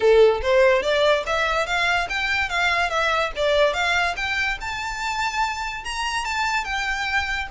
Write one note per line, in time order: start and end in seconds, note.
0.00 0.41 A4
0.41 0.82 C5
0.82 1.24 D5
1.26 1.66 E5
1.66 2.08 F5
2.09 2.49 G5
2.49 2.90 F5
2.90 3.31 E5
3.35 3.73 D5
3.73 4.15 F5
4.16 4.58 G5
4.61 5.84 A5
5.84 6.24 A#5
6.24 6.64 A5
6.64 7.47 G5